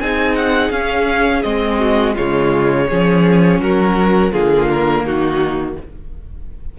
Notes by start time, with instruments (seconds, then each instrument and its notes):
0.00 cello C4, viola D#4, violin G#4 G#5
0.35 violin F#5
0.70 cello C#4, viola C#4, violin F5
1.42 cello G#3, viola C4, violin D#5
1.79 violin F#4
2.15 cello C#3, viola G#3, violin F4 C#5
2.88 cello F3, viola C#4, violin G#4
3.60 cello F#3, violin F#4 A#4
4.32 cello D3, viola A#3, violin F4 G#4
4.70 violin A#4
5.04 cello D#3, violin D#4 F#4